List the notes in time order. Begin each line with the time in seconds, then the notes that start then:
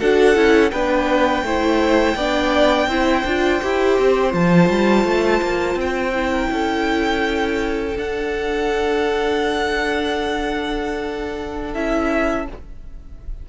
0.00 D4 F#4 A4 F#5
0.36 C#4 E4
0.71 B3 D4 B4 G5
1.43 A3 E4 C5
2.16 B3 D4 D5
2.88 C4 E4 C5
3.25 D4 F4
3.63 E4 G4
3.99 C4
4.31 F3 F4 A5
4.69 G3
5.05 A3
5.42 A#3
5.75 C4 G5
6.14 E4
6.32 A#4
6.51 C#4 A4
7.95 D4 F#5
11.74 C#4 E4 E5